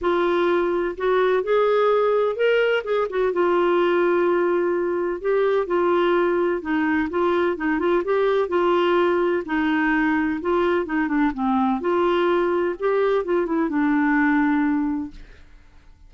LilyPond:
\new Staff \with { instrumentName = "clarinet" } { \time 4/4 \tempo 4 = 127 f'2 fis'4 gis'4~ | gis'4 ais'4 gis'8 fis'8 f'4~ | f'2. g'4 | f'2 dis'4 f'4 |
dis'8 f'8 g'4 f'2 | dis'2 f'4 dis'8 d'8 | c'4 f'2 g'4 | f'8 e'8 d'2. | }